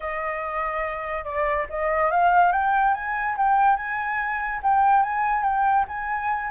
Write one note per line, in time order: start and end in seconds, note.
0.00 1.24 D#5
1.24 1.66 D5
1.69 2.10 D#5
2.10 2.52 F5
2.52 2.94 G5
2.94 3.36 G#5
3.37 3.76 G5
3.76 4.60 G#5
4.63 5.02 G5
5.02 5.43 G#5
5.43 5.85 G5
5.88 6.50 G#5